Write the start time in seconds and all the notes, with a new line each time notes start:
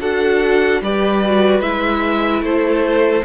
0.00 D4 F#4 A4 F#5
0.81 G3 G4 B4 D5
1.25 F#4
1.60 G#3 E4 E5
2.41 A3 A4 C5